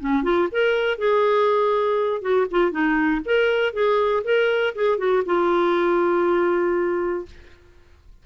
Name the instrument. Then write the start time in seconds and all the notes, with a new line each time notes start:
clarinet
0.00 C#4
0.23 F4
0.52 A#4
0.98 G#4
2.22 F#4
2.51 F4
2.72 D#4
3.25 A#4
3.73 G#4
4.24 A#4
4.75 G#4
4.98 F#4
5.26 F4